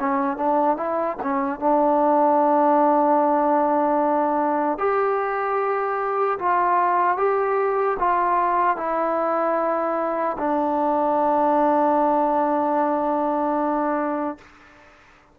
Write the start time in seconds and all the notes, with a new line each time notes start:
0.00 C#4
0.37 D4
0.77 E4
1.23 C#4
1.60 D4
4.79 G4
6.39 F4
7.18 G4
8.00 F4
8.77 E4
10.39 D4